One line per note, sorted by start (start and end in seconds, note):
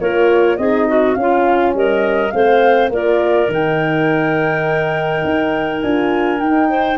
0.00 0.58 A#3
0.00 0.58 F4
0.00 0.58 A#4
0.00 0.57 C#5
0.57 1.16 C4
0.57 1.14 D#4
0.57 0.87 G#4
0.57 1.14 D#5
0.87 1.17 F#4
1.14 2.31 C#4
1.14 1.74 C#4
1.14 1.72 F5
1.20 1.75 F4
1.74 2.32 G3
1.74 2.34 A#4
1.74 2.30 D#5
2.30 2.89 A3
2.30 2.92 C4
2.30 2.92 C5
2.30 2.89 F5
2.89 3.47 A#3
2.89 3.48 F4
2.89 6.69 A#4
2.89 3.51 D5
3.48 5.23 D#3
3.48 5.81 D#4
3.48 5.82 G5
5.24 5.82 D#4
5.82 6.41 D4
5.82 6.39 F4
5.82 6.40 G#5
6.39 6.97 D#4
6.39 6.98 D#4
6.39 6.98 G5
6.69 6.98 C5